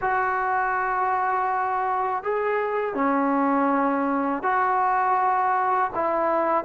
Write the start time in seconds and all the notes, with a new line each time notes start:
0.01 F#4
2.23 G#4
2.94 C#4
4.42 F#4
5.95 E4